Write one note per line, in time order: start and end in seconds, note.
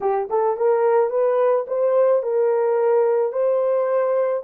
0.01 0.28 G4
0.29 0.56 A4
0.56 1.10 A#4
1.10 1.65 B4
1.67 2.22 C5
2.22 3.32 A#4
3.32 4.43 C5